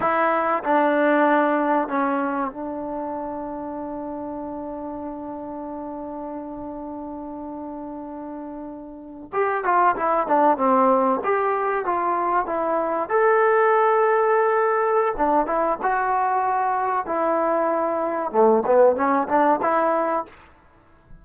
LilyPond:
\new Staff \with { instrumentName = "trombone" } { \time 4/4 \tempo 4 = 95 e'4 d'2 cis'4 | d'1~ | d'1~ | d'2~ d'8. g'8 f'8 e'16~ |
e'16 d'8 c'4 g'4 f'4 e'16~ | e'8. a'2.~ a'16 | d'8 e'8 fis'2 e'4~ | e'4 a8 b8 cis'8 d'8 e'4 | }